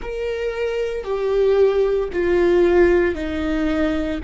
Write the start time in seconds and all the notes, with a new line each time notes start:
0.02 A#4
1.04 G4
2.12 F4
3.14 D#4